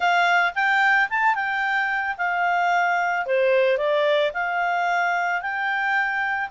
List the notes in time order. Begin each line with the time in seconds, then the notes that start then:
0.00 F5
0.54 G5
1.09 A5
1.34 G5
2.17 F5
3.26 C5
3.77 D5
4.33 F5
5.41 G5